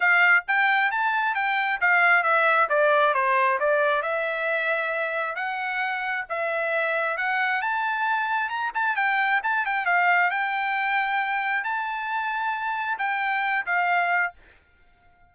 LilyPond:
\new Staff \with { instrumentName = "trumpet" } { \time 4/4 \tempo 4 = 134 f''4 g''4 a''4 g''4 | f''4 e''4 d''4 c''4 | d''4 e''2. | fis''2 e''2 |
fis''4 a''2 ais''8 a''8 | g''4 a''8 g''8 f''4 g''4~ | g''2 a''2~ | a''4 g''4. f''4. | }